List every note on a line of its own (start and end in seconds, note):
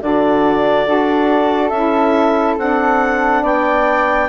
0.00 0.86 D3
0.00 0.85 D4
0.00 0.87 F#4
0.00 1.69 D5
0.85 1.71 D4
0.85 1.71 F#4
0.85 3.42 A4
1.69 2.56 C#4
1.69 2.58 E4
1.69 2.54 E5
2.57 3.42 C4
2.57 4.29 D4
2.57 3.44 F#5
3.42 4.28 B3
3.42 4.27 D5
3.42 4.29 G5